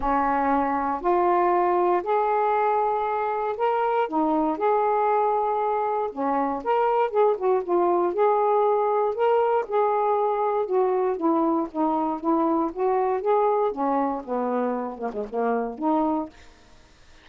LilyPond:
\new Staff \with { instrumentName = "saxophone" } { \time 4/4 \tempo 4 = 118 cis'2 f'2 | gis'2. ais'4 | dis'4 gis'2. | cis'4 ais'4 gis'8 fis'8 f'4 |
gis'2 ais'4 gis'4~ | gis'4 fis'4 e'4 dis'4 | e'4 fis'4 gis'4 cis'4 | b4. ais16 gis16 ais4 dis'4 | }